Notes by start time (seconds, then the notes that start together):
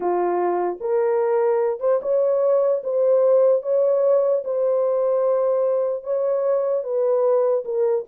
0.00 F4
0.80 A#4
1.80 C5
2.02 C#5
2.83 C5
3.62 C#5
4.44 C5
6.03 C#5
6.83 B4
7.65 A#4